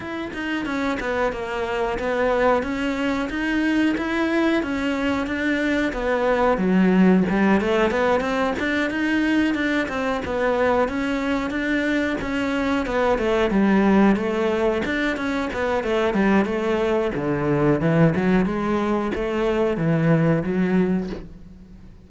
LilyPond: \new Staff \with { instrumentName = "cello" } { \time 4/4 \tempo 4 = 91 e'8 dis'8 cis'8 b8 ais4 b4 | cis'4 dis'4 e'4 cis'4 | d'4 b4 fis4 g8 a8 | b8 c'8 d'8 dis'4 d'8 c'8 b8~ |
b8 cis'4 d'4 cis'4 b8 | a8 g4 a4 d'8 cis'8 b8 | a8 g8 a4 d4 e8 fis8 | gis4 a4 e4 fis4 | }